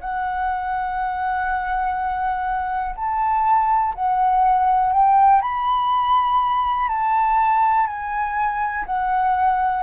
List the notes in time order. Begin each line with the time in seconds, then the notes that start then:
0.00 F#5
2.96 A5
3.95 F#5
4.92 G5
5.41 B5
6.88 A5
7.86 G#5
8.86 F#5